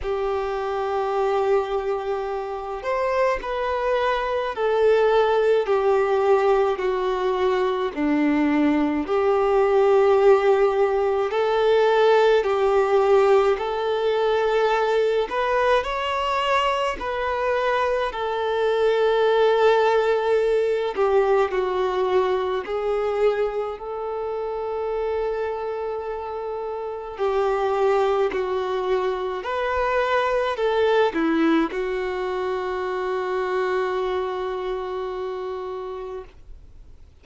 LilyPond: \new Staff \with { instrumentName = "violin" } { \time 4/4 \tempo 4 = 53 g'2~ g'8 c''8 b'4 | a'4 g'4 fis'4 d'4 | g'2 a'4 g'4 | a'4. b'8 cis''4 b'4 |
a'2~ a'8 g'8 fis'4 | gis'4 a'2. | g'4 fis'4 b'4 a'8 e'8 | fis'1 | }